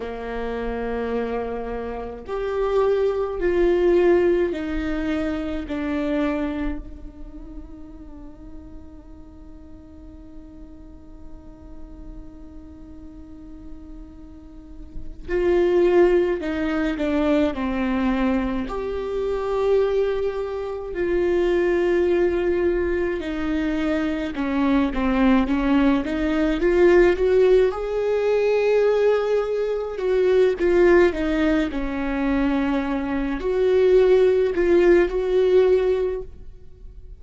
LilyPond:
\new Staff \with { instrumentName = "viola" } { \time 4/4 \tempo 4 = 53 ais2 g'4 f'4 | dis'4 d'4 dis'2~ | dis'1~ | dis'4. f'4 dis'8 d'8 c'8~ |
c'8 g'2 f'4.~ | f'8 dis'4 cis'8 c'8 cis'8 dis'8 f'8 | fis'8 gis'2 fis'8 f'8 dis'8 | cis'4. fis'4 f'8 fis'4 | }